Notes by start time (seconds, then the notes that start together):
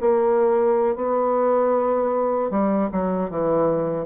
0.00 A#3
0.95 B3
2.50 G3
2.92 F#3
3.30 E3